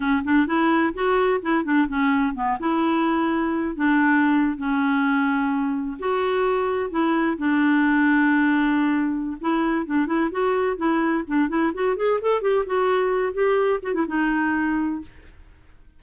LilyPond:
\new Staff \with { instrumentName = "clarinet" } { \time 4/4 \tempo 4 = 128 cis'8 d'8 e'4 fis'4 e'8 d'8 | cis'4 b8 e'2~ e'8 | d'4.~ d'16 cis'2~ cis'16~ | cis'8. fis'2 e'4 d'16~ |
d'1 | e'4 d'8 e'8 fis'4 e'4 | d'8 e'8 fis'8 gis'8 a'8 g'8 fis'4~ | fis'8 g'4 fis'16 e'16 dis'2 | }